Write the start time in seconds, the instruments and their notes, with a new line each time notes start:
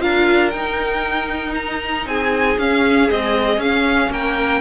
0.00 cello D4, viola F4, violin A#4 F5
0.50 cello D#4, viola D#4, violin G5
1.55 violin A#5
2.06 cello C4, violin G#4 G#5
2.58 cello C#4, viola C#4, violin F5
3.10 viola G#3, cello C4, violin D#5
3.58 cello C#4, violin F5
3.64 viola C#4
4.10 cello A#3, violin A#4 G5